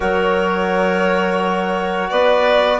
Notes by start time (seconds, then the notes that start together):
0.00 F#3 F#4 A#4 C#5
2.10 B3 B4 D5